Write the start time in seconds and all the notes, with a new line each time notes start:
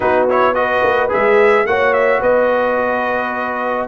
0.00 B3 D#4 F#4 B4
0.29 E4 C#5
0.54 F#4 B4 D#5
0.83 A#3
1.09 G#3 G#4 E5
1.65 A#3 F#4 C#5 F#5
1.93 E5
2.20 B3 B4 D#5